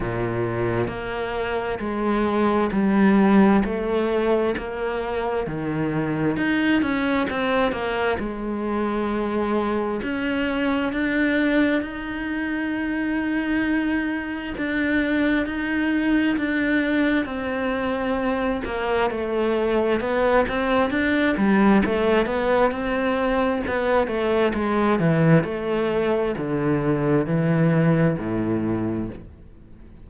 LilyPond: \new Staff \with { instrumentName = "cello" } { \time 4/4 \tempo 4 = 66 ais,4 ais4 gis4 g4 | a4 ais4 dis4 dis'8 cis'8 | c'8 ais8 gis2 cis'4 | d'4 dis'2. |
d'4 dis'4 d'4 c'4~ | c'8 ais8 a4 b8 c'8 d'8 g8 | a8 b8 c'4 b8 a8 gis8 e8 | a4 d4 e4 a,4 | }